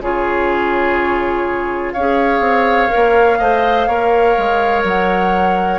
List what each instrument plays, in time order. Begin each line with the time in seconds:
0.00 bassoon C#3, clarinet F4, oboe G#4, flute C#5
1.92 bassoon C#4, oboe C#5, flute F5
1.99 clarinet G#4
2.40 bassoon C4
2.89 clarinet A#4
2.95 bassoon A#3
3.38 bassoon A3, clarinet C5, oboe D#5
3.86 bassoon A#3, clarinet A#4, oboe C#5
4.37 bassoon G#3
4.83 bassoon F#3, flute F#5